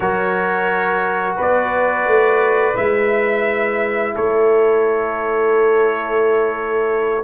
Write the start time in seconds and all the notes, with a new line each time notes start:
0.00 F#3 F#4 A#4 C#5
1.36 B3 B4 D5
2.06 A3
2.74 G#3 E4 E5
4.15 A3 A4 C#5